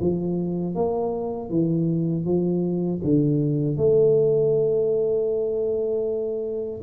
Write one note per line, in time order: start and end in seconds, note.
0.00 0.75 F3
0.75 1.49 A#3
1.49 2.24 E3
2.24 3.00 F3
3.04 3.77 D3
3.77 6.80 A3